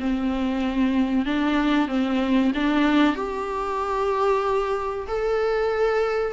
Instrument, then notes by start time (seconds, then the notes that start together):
viola
0.00 C4
1.26 D4
1.88 C4
2.55 D4
3.16 G4
5.08 A4